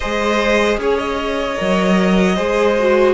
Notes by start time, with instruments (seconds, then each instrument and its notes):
0.00 cello G#3, viola G#4, violin C5 D#5
0.77 cello C#4, violin G#4 C#5
0.97 violin D#5
1.56 cello F#3, viola A#4
2.35 cello G#3, viola G#4, violin C5
2.79 viola F#4